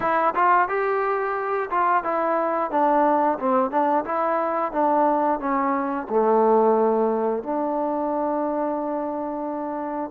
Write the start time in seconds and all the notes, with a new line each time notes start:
0.00 E4
0.35 F4
0.68 G4
1.70 F4
2.03 E4
2.71 D4
3.39 C4
3.70 D4
4.04 E4
4.72 D4
5.39 C#4
6.09 A3
7.43 D4